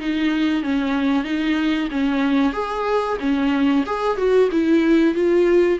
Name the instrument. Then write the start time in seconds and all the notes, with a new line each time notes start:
viola
0.00 D#4
0.62 C#4
1.24 D#4
1.91 C#4
2.53 G#4
3.20 C#4
3.86 G#4
4.17 F#4
4.51 E4
5.14 F4